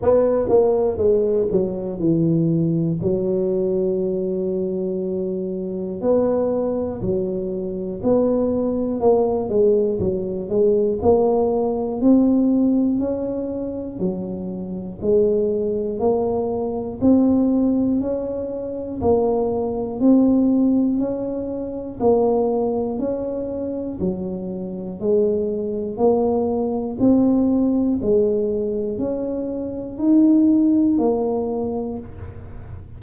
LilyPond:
\new Staff \with { instrumentName = "tuba" } { \time 4/4 \tempo 4 = 60 b8 ais8 gis8 fis8 e4 fis4~ | fis2 b4 fis4 | b4 ais8 gis8 fis8 gis8 ais4 | c'4 cis'4 fis4 gis4 |
ais4 c'4 cis'4 ais4 | c'4 cis'4 ais4 cis'4 | fis4 gis4 ais4 c'4 | gis4 cis'4 dis'4 ais4 | }